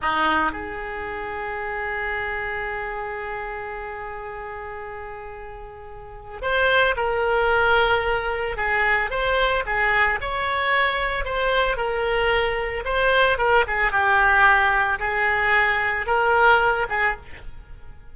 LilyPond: \new Staff \with { instrumentName = "oboe" } { \time 4/4 \tempo 4 = 112 dis'4 gis'2.~ | gis'1~ | gis'1 | c''4 ais'2. |
gis'4 c''4 gis'4 cis''4~ | cis''4 c''4 ais'2 | c''4 ais'8 gis'8 g'2 | gis'2 ais'4. gis'8 | }